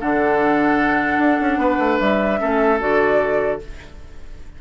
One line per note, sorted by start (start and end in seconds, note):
0.00 1.18 D3
0.00 2.39 D4
0.00 1.60 A4
0.00 1.99 F#5
1.18 1.38 D4
1.41 1.57 C#4
1.57 1.77 B3
1.57 2.40 B4
1.79 1.99 A3
1.99 2.40 G3
1.99 2.79 E5
2.39 2.81 A3
2.39 2.79 C#4
2.39 3.61 A4
2.79 3.61 D3
2.79 3.59 F#4
2.79 3.61 D5